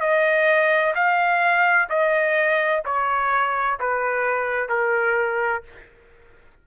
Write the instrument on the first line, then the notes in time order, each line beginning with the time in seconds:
trumpet
0.00 D#5
0.95 F5
1.89 D#5
2.85 C#5
3.79 B4
4.69 A#4